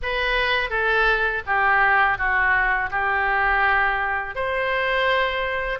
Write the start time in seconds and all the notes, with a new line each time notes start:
0.02 B4
0.70 A4
1.46 G4
2.18 F#4
2.90 G4
4.35 C5